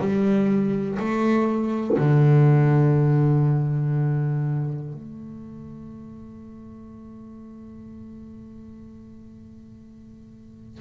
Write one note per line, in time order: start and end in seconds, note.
0.00 0.98 G3
0.99 1.98 A3
1.98 4.93 D3
4.94 10.82 A3